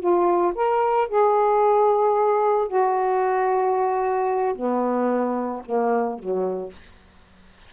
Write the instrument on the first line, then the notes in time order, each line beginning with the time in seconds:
saxophone
0.00 F4
0.55 A#4
1.08 G#4
2.68 F#4
4.55 B3
5.66 A#3
6.19 F#3